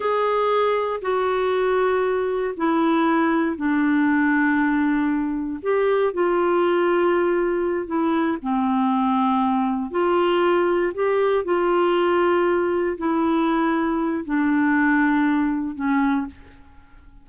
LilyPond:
\new Staff \with { instrumentName = "clarinet" } { \time 4/4 \tempo 4 = 118 gis'2 fis'2~ | fis'4 e'2 d'4~ | d'2. g'4 | f'2.~ f'8 e'8~ |
e'8 c'2. f'8~ | f'4. g'4 f'4.~ | f'4. e'2~ e'8 | d'2. cis'4 | }